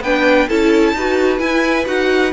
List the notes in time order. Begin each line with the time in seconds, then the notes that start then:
0.00 B3 D4 B4 G5
0.48 C#4 E4 A4 A5
0.93 D#4 F#4 B4
1.38 E4 G#5
1.85 D#4 F#4 F#5